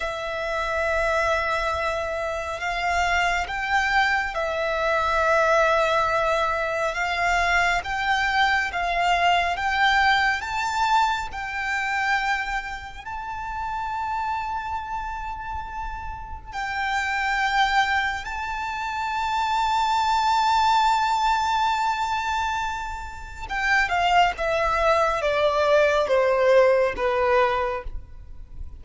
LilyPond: \new Staff \with { instrumentName = "violin" } { \time 4/4 \tempo 4 = 69 e''2. f''4 | g''4 e''2. | f''4 g''4 f''4 g''4 | a''4 g''2 a''4~ |
a''2. g''4~ | g''4 a''2.~ | a''2. g''8 f''8 | e''4 d''4 c''4 b'4 | }